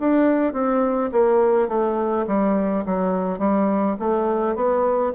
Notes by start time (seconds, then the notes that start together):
0.00 D4
0.53 C4
1.12 A#3
1.68 A3
2.27 G3
2.86 F#3
3.39 G3
4.00 A3
4.56 B3